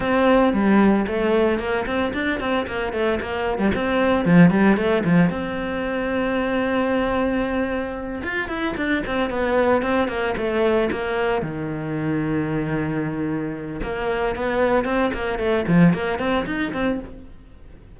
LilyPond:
\new Staff \with { instrumentName = "cello" } { \time 4/4 \tempo 4 = 113 c'4 g4 a4 ais8 c'8 | d'8 c'8 ais8 a8 ais8. g16 c'4 | f8 g8 a8 f8 c'2~ | c'2.~ c'8 f'8 |
e'8 d'8 c'8 b4 c'8 ais8 a8~ | a8 ais4 dis2~ dis8~ | dis2 ais4 b4 | c'8 ais8 a8 f8 ais8 c'8 dis'8 c'8 | }